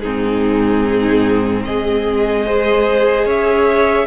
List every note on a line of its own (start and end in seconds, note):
0.00 1.67 G#2
0.00 2.46 C4
0.00 1.64 D#4
0.00 1.62 G#4
1.64 3.25 G#3
1.64 2.46 G#4
1.64 3.26 D#5
2.46 4.07 G#4
2.46 3.24 C5
3.24 4.06 C#4
3.24 4.06 C#5
3.24 4.07 E5